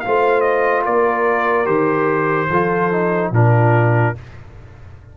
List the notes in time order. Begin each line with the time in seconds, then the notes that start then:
0.00 F4 C5 F5
0.06 A3
0.41 D#5
0.85 A#3 A#4 D5
1.65 D#3 G4 C5
2.49 F3 F4 A4
2.92 D#4
3.31 A#2 D4 F4 A#4